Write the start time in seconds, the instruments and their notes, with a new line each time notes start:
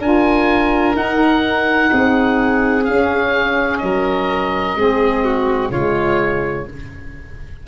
0.00 tuba D4, saxophone F4, violin A#4, oboe G#5
0.94 saxophone D#4, tuba D#4, oboe F#5
1.93 tuba C4, violin G#4
2.85 tuba C#4, saxophone C#4, oboe F5
3.78 tuba F#3, violin A#4, oboe D#5
4.76 tuba G#3, saxophone C4, violin G#4
5.25 violin F#4
5.71 tuba C#3, saxophone G#3, violin F4, oboe C#5